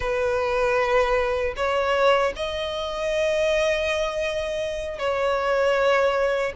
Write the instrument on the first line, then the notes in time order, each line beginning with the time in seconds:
violin
0.00 B4
1.56 C#5
2.36 D#5
4.99 C#5